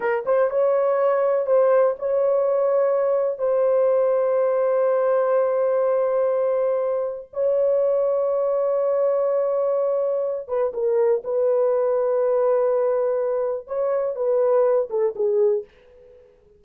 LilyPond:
\new Staff \with { instrumentName = "horn" } { \time 4/4 \tempo 4 = 123 ais'8 c''8 cis''2 c''4 | cis''2. c''4~ | c''1~ | c''2. cis''4~ |
cis''1~ | cis''4. b'8 ais'4 b'4~ | b'1 | cis''4 b'4. a'8 gis'4 | }